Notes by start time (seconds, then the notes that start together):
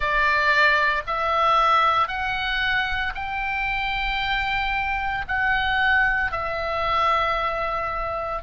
0.00 D5
1.07 E5
2.08 F#5
3.14 G5
5.28 F#5
6.32 E5